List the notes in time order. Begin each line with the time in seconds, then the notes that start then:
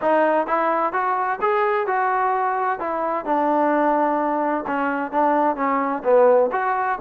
0.01 D#4
0.46 E4
0.92 F#4
1.41 G#4
1.86 F#4
2.79 E4
3.25 D4
4.66 C#4
5.11 D4
5.56 C#4
6.04 B3
6.51 F#4